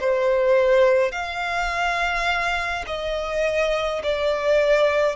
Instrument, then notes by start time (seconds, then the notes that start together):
violin
0.00 C5
1.12 F5
2.87 D#5
4.03 D5